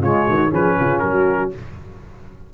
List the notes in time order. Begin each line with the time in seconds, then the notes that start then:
0.00 C#3 G#3 F4 C#5
0.25 D#3 F#4
0.51 F3 C#4 G#4 B4
0.79 C#3 F4
1.00 F#3 F#4 A#4